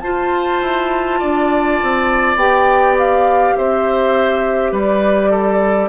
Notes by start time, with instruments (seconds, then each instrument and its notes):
0.00 bassoon F4, clarinet F4, oboe C5, flute A5
0.61 bassoon E4
1.19 bassoon D4, oboe D5
1.82 bassoon C4
2.35 bassoon B3, clarinet G4, flute G5
2.98 flute F5
3.56 bassoon C4, oboe C5, flute E5
4.71 bassoon G3, oboe B4, flute D5
5.30 oboe A4